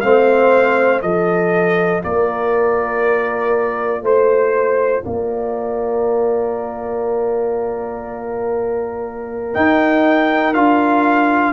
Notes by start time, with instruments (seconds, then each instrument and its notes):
0.00 tuba A3, trombone C4, horn C5, trumpet F5
1.02 tuba F3, trombone F4, horn A4, trumpet D#5
2.04 tuba A#3, horn A#4, trumpet D5
4.01 tuba A3, horn C5, trumpet C5
5.04 tuba A#3, horn A#4, trumpet D5
9.54 trombone D#4, tuba D#4, trumpet G5
10.54 tuba D4, trombone F4, trumpet F5